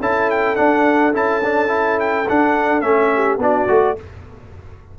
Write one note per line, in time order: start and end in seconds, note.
0.00 0.57 C#4
0.00 0.56 E4
0.00 3.11 A4
0.00 0.30 A5
0.30 0.56 G5
0.56 1.12 D4
0.56 1.14 D4
0.56 1.12 F#5
1.13 2.27 C#4
1.13 1.41 E4
1.13 1.99 A5
1.43 1.67 D4
1.67 2.24 E4
1.99 2.28 G5
2.28 2.81 D4
2.28 2.81 F#5
2.81 3.37 A3
2.81 3.38 C#4
2.81 3.37 E5
3.14 3.41 G4
3.37 3.66 B3
3.37 3.67 D4
3.37 3.97 F#4
3.37 3.98 D5
3.67 3.97 A3
3.67 3.96 F#4